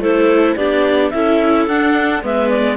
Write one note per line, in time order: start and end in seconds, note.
0.00 0.56 A3
0.00 0.58 E4
0.00 0.56 A4
0.00 0.56 C5
0.56 1.12 B3
0.56 1.13 D4
0.56 1.12 G4
0.56 1.10 D5
1.10 1.67 C#4
1.10 1.69 E4
1.10 2.24 A4
1.10 1.66 E5
1.67 2.23 D4
1.67 2.24 F#5
2.23 2.77 G#3
2.23 2.77 B3
2.23 2.77 B4
2.23 2.50 E5
2.50 2.77 D5